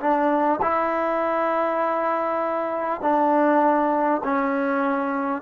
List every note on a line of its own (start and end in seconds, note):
0.00 0.60 D4
0.62 3.02 E4
3.02 4.22 D4
4.24 5.42 C#4